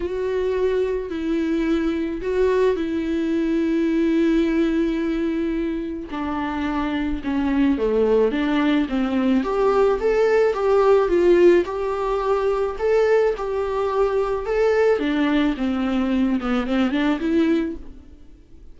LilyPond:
\new Staff \with { instrumentName = "viola" } { \time 4/4 \tempo 4 = 108 fis'2 e'2 | fis'4 e'2.~ | e'2. d'4~ | d'4 cis'4 a4 d'4 |
c'4 g'4 a'4 g'4 | f'4 g'2 a'4 | g'2 a'4 d'4 | c'4. b8 c'8 d'8 e'4 | }